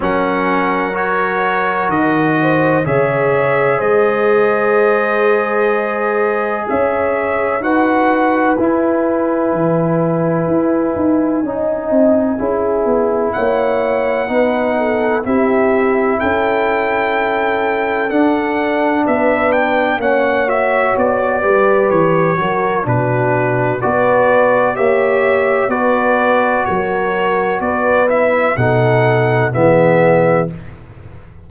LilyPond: <<
  \new Staff \with { instrumentName = "trumpet" } { \time 4/4 \tempo 4 = 63 fis''4 cis''4 dis''4 e''4 | dis''2. e''4 | fis''4 gis''2.~ | gis''2 fis''2 |
e''4 g''2 fis''4 | e''8 g''8 fis''8 e''8 d''4 cis''4 | b'4 d''4 e''4 d''4 | cis''4 d''8 e''8 fis''4 e''4 | }
  \new Staff \with { instrumentName = "horn" } { \time 4/4 ais'2~ ais'8 c''8 cis''4 | c''2. cis''4 | b'1 | dis''4 gis'4 cis''4 b'8 a'8 |
g'4 a'2. | b'4 cis''4. b'4 ais'8 | fis'4 b'4 cis''4 b'4 | ais'4 b'4 a'4 gis'4 | }
  \new Staff \with { instrumentName = "trombone" } { \time 4/4 cis'4 fis'2 gis'4~ | gis'1 | fis'4 e'2. | dis'4 e'2 dis'4 |
e'2. d'4~ | d'4 cis'8 fis'4 g'4 fis'8 | d'4 fis'4 g'4 fis'4~ | fis'4. e'8 dis'4 b4 | }
  \new Staff \with { instrumentName = "tuba" } { \time 4/4 fis2 dis4 cis4 | gis2. cis'4 | dis'4 e'4 e4 e'8 dis'8 | cis'8 c'8 cis'8 b8 ais4 b4 |
c'4 cis'2 d'4 | b4 ais4 b8 g8 e8 fis8 | b,4 b4 ais4 b4 | fis4 b4 b,4 e4 | }
>>